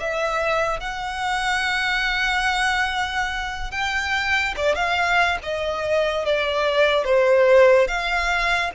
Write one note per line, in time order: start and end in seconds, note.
0.00 0.80 E5
0.80 3.71 F#5
3.71 4.55 G5
4.56 4.75 D5
4.75 5.38 F5
5.43 6.25 D#5
6.25 7.05 D5
7.05 7.87 C5
7.87 8.71 F5